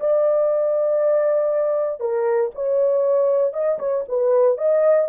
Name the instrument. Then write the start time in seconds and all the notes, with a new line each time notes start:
horn
0.00 D5
2.00 A#4
2.55 C#5
3.53 D#5
3.79 C#5
4.08 B4
4.58 D#5